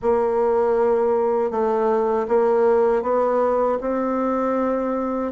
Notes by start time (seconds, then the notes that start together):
0.02 A#3
1.50 A3
2.28 A#3
3.02 B3
3.80 C4